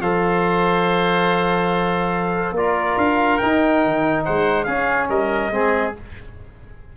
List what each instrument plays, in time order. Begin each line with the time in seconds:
0.00 tuba F3, trombone A4, oboe C5, trumpet F5
2.52 tuba A#3, trombone F4, trumpet D5
2.59 oboe A#4
2.97 tuba D4, trumpet F5
3.38 trombone D#4, tuba D#4, trumpet G5
3.85 tuba D#3
4.25 tuba G#3, oboe C5, trumpet F#5
4.64 trombone C#4, tuba C#4, oboe G#4, trumpet F5
5.10 tuba G3, oboe A#4, trumpet D#5
5.51 tuba G#3, trombone C4, oboe G#4